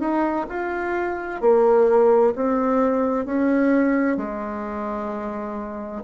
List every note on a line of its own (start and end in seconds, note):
0.00 0.46 D#4
0.50 1.41 F4
1.41 2.34 A#3
2.36 3.26 C4
3.26 4.17 C#4
4.17 6.02 G#3